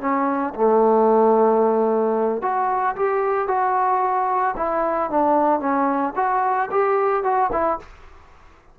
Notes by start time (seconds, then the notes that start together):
0.00 C#4
0.54 A3
2.42 F#4
2.96 G4
3.48 F#4
4.56 E4
5.10 D4
5.60 C#4
6.16 F#4
6.71 G4
7.23 F#4
7.52 E4